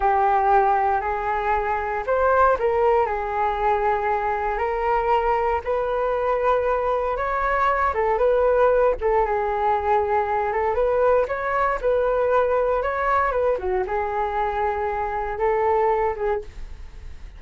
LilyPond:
\new Staff \with { instrumentName = "flute" } { \time 4/4 \tempo 4 = 117 g'2 gis'2 | c''4 ais'4 gis'2~ | gis'4 ais'2 b'4~ | b'2 cis''4. a'8 |
b'4. a'8 gis'2~ | gis'8 a'8 b'4 cis''4 b'4~ | b'4 cis''4 b'8 fis'8 gis'4~ | gis'2 a'4. gis'8 | }